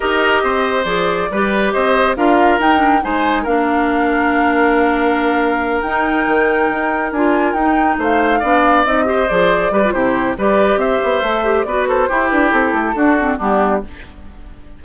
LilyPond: <<
  \new Staff \with { instrumentName = "flute" } { \time 4/4 \tempo 4 = 139 dis''2 d''2 | dis''4 f''4 g''4 gis''4 | f''1~ | f''4. g''2~ g''8~ |
g''8 gis''4 g''4 f''4.~ | f''8 dis''4 d''4. c''4 | d''4 e''2 d''8 c''8~ | c''8 b'8 a'2 g'4 | }
  \new Staff \with { instrumentName = "oboe" } { \time 4/4 ais'4 c''2 b'4 | c''4 ais'2 c''4 | ais'1~ | ais'1~ |
ais'2~ ais'8 c''4 d''8~ | d''4 c''4. b'8 g'4 | b'4 c''2 b'8 a'8 | g'2 fis'4 d'4 | }
  \new Staff \with { instrumentName = "clarinet" } { \time 4/4 g'2 gis'4 g'4~ | g'4 f'4 dis'8 d'8 dis'4 | d'1~ | d'4. dis'2~ dis'8~ |
dis'8 f'4 dis'2 d'8~ | d'8 dis'8 g'8 gis'4 g'16 f'16 e'4 | g'2 a'8 g'8 fis'4 | e'2 d'8 c'8 b4 | }
  \new Staff \with { instrumentName = "bassoon" } { \time 4/4 dis'4 c'4 f4 g4 | c'4 d'4 dis'4 gis4 | ais1~ | ais4. dis'4 dis4 dis'8~ |
dis'8 d'4 dis'4 a4 b8~ | b8 c'4 f4 g8 c4 | g4 c'8 b8 a4 b4 | e'8 d'8 c'8 a8 d'4 g4 | }
>>